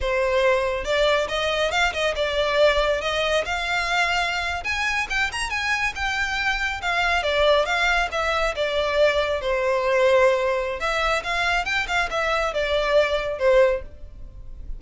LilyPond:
\new Staff \with { instrumentName = "violin" } { \time 4/4 \tempo 4 = 139 c''2 d''4 dis''4 | f''8 dis''8 d''2 dis''4 | f''2~ f''8. gis''4 g''16~ | g''16 ais''8 gis''4 g''2 f''16~ |
f''8. d''4 f''4 e''4 d''16~ | d''4.~ d''16 c''2~ c''16~ | c''4 e''4 f''4 g''8 f''8 | e''4 d''2 c''4 | }